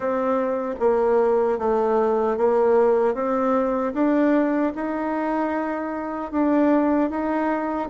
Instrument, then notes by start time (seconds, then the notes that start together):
bassoon
0.00 C4
0.79 A#3
1.58 A3
2.37 A#3
3.14 C4
3.93 D4
4.75 D#4
6.31 D4
7.09 D#4